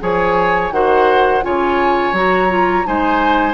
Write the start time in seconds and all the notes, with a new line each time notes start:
0.00 F3 G#4 C#5 G#5
0.71 D#3 F#4 C5 F#5
1.42 C#3 F4 C#5 G#5
2.12 F#3 F#4 A#5
2.49 F4
2.85 G#3 D#4 C5 G#5